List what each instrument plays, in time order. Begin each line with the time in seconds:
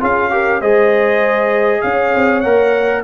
0.00 tuba C#4, trombone F4, horn G#4, trumpet F5
0.31 trombone G4, horn A#4
0.61 tuba G#3, trombone G#4, horn C5, trumpet D#5
1.82 tuba C#4, horn C#5, trumpet F5
2.15 tuba C4
2.41 tuba A#3, trombone A#4, trumpet F#5